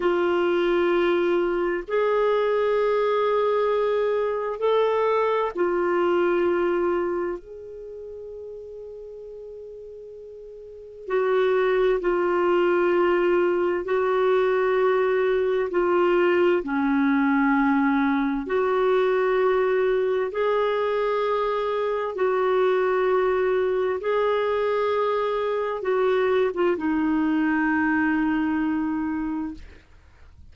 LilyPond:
\new Staff \with { instrumentName = "clarinet" } { \time 4/4 \tempo 4 = 65 f'2 gis'2~ | gis'4 a'4 f'2 | gis'1 | fis'4 f'2 fis'4~ |
fis'4 f'4 cis'2 | fis'2 gis'2 | fis'2 gis'2 | fis'8. f'16 dis'2. | }